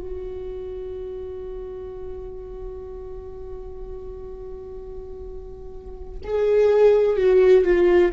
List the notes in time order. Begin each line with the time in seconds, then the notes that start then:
0.00 F#4
6.24 G#4
7.17 F#4
7.65 F4